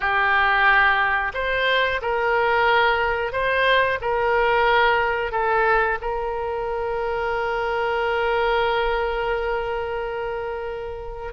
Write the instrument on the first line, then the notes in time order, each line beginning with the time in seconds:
oboe
0.00 G4
1.34 C5
2.01 A#4
3.32 C5
4.01 A#4
5.31 A4
6.01 A#4